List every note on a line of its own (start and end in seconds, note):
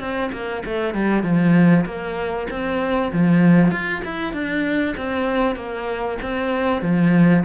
0.00 0.31 C4
0.32 0.63 A#3
0.66 0.94 A3
0.94 1.23 G3
1.23 1.85 F3
1.86 2.47 A#3
2.50 3.12 C4
3.13 3.71 F3
3.71 4.02 F4
4.05 4.33 E4
4.33 4.95 D4
4.97 5.56 C4
5.56 6.18 A#3
6.22 6.82 C4
6.82 7.44 F3